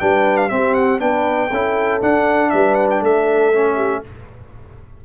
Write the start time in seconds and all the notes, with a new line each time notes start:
0.00 G3 D4 B4 G5
0.37 F5
0.49 C4 G4 E5
0.74 F#5
0.99 B3 D4 B4 G5
1.50 C#4 E4 A4
2.01 D4 F#5
2.50 G3 B4 E5
2.75 F#5
2.90 G5
3.01 A3 A4 E5
3.53 C#4
3.76 G4